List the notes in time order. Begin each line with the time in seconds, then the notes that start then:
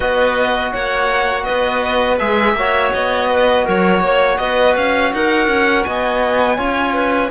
0.00 B3 F#4 B4 D#5
0.73 A#3 C#5 F#5
1.44 B3 B4 D#5
2.18 G#3 G#4 E5
2.54 A#3 F#4 C#5
2.93 B3 D#5
3.30 B4
3.64 F#3 A#4 C#5
4.00 A#3 C#5
4.37 B3 B4 D#5
4.76 C#4 F5
5.13 D#4 A#4 F#5
5.47 C#4
5.84 B3 D#5 G#5
6.57 C#4 F4 C#5
6.93 B4